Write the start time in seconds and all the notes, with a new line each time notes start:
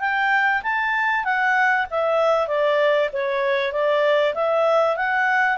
0.00 G5
0.62 A5
1.24 F#5
1.90 E5
2.47 D5
3.12 C#5
3.72 D5
4.34 E5
4.96 F#5